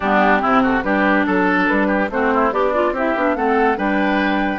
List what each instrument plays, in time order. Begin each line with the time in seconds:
0.00 bassoon G3, clarinet B3, oboe D4, flute G4
0.39 bassoon C3, clarinet C4, oboe E4
0.62 oboe F#4, flute A4
0.82 bassoon G3, clarinet D4, oboe G4, flute B4
1.26 bassoon F#3, oboe A4, flute A4
1.67 bassoon G3, flute B4
1.87 oboe G4
2.09 bassoon A3, clarinet C4, oboe F#4, flute C5
2.33 oboe E4
2.51 bassoon B3, oboe D4, clarinet G4, flute D5
2.73 clarinet F4
2.92 bassoon C4, clarinet E4, oboe G4, flute E5
3.15 bassoon B3, clarinet D4
3.35 bassoon A3, clarinet C4, oboe A4, flute F#5
3.77 bassoon G3, clarinet D4, oboe B4, flute G5